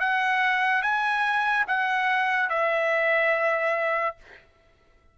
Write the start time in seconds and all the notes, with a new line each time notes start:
0.00 F#5
0.83 G#5
1.67 F#5
2.50 E5